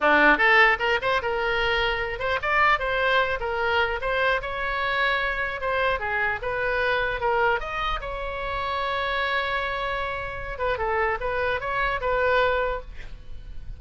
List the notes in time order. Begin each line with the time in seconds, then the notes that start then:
0.00 D4
0.37 A4
0.79 A#4
1.01 C5
1.22 A#4
2.19 C5
2.41 D5
2.79 C5
3.40 A#4
4.01 C5
4.41 C#5
5.60 C5
5.99 G#4
6.41 B4
7.20 A#4
7.59 D#5
8.01 C#5
10.58 B4
10.78 A4
11.20 B4
11.60 C#5
12.00 B4